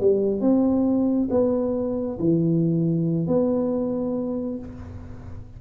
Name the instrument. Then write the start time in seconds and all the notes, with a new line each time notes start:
tuba
0.00 G3
0.41 C4
1.30 B3
2.19 E3
3.27 B3